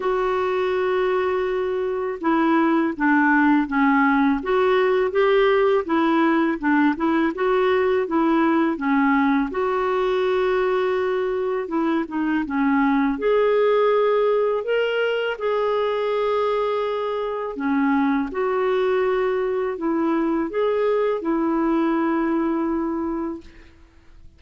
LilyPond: \new Staff \with { instrumentName = "clarinet" } { \time 4/4 \tempo 4 = 82 fis'2. e'4 | d'4 cis'4 fis'4 g'4 | e'4 d'8 e'8 fis'4 e'4 | cis'4 fis'2. |
e'8 dis'8 cis'4 gis'2 | ais'4 gis'2. | cis'4 fis'2 e'4 | gis'4 e'2. | }